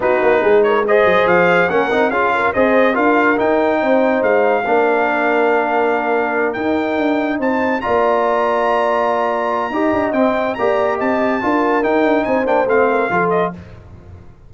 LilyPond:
<<
  \new Staff \with { instrumentName = "trumpet" } { \time 4/4 \tempo 4 = 142 b'4. cis''8 dis''4 f''4 | fis''4 f''4 dis''4 f''4 | g''2 f''2~ | f''2.~ f''8 g''8~ |
g''4. a''4 ais''4.~ | ais''1 | g''4 ais''4 a''2 | g''4 gis''8 g''8 f''4. dis''8 | }
  \new Staff \with { instrumentName = "horn" } { \time 4/4 fis'4 gis'8 ais'8 c''2 | ais'4 gis'8 ais'8 c''4 ais'4~ | ais'4 c''2 ais'4~ | ais'1~ |
ais'4. c''4 d''4.~ | d''2. dis''4~ | dis''4 d''4 dis''4 ais'4~ | ais'4 c''4. ais'8 a'4 | }
  \new Staff \with { instrumentName = "trombone" } { \time 4/4 dis'2 gis'2 | cis'8 dis'8 f'4 gis'4 f'4 | dis'2. d'4~ | d'2.~ d'8 dis'8~ |
dis'2~ dis'8 f'4.~ | f'2. g'4 | c'4 g'2 f'4 | dis'4. d'8 c'4 f'4 | }
  \new Staff \with { instrumentName = "tuba" } { \time 4/4 b8 ais8 gis4. fis8 f4 | ais8 c'8 cis'4 c'4 d'4 | dis'4 c'4 gis4 ais4~ | ais2.~ ais8 dis'8~ |
dis'8 d'4 c'4 ais4.~ | ais2. dis'8 d'8 | c'4 ais4 c'4 d'4 | dis'8 d'8 c'8 ais8 a4 f4 | }
>>